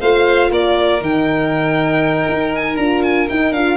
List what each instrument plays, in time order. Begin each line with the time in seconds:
0.00 tuba A3, horn F4, violin C5 F5
0.51 tuba A#3, violin A#4 D5
1.01 tuba D#3, horn D#4, violin G5
2.29 tuba D#4
2.55 violin G#5
2.76 tuba D4, horn F4, violin A#5
3.03 violin G#5
3.29 horn D#4, tuba D#4, violin G5
3.51 tuba D4, horn F4, violin F5